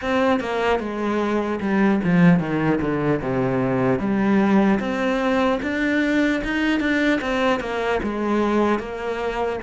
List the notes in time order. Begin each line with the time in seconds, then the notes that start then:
0.01 C4
0.40 A#3
0.79 G#3
1.60 G3
2.04 F3
2.39 D#3
2.80 D3
3.22 C3
3.99 G3
4.79 C4
5.62 D4
6.44 D#4
6.80 D4
7.21 C4
7.60 A#3
8.02 G#3
8.79 A#3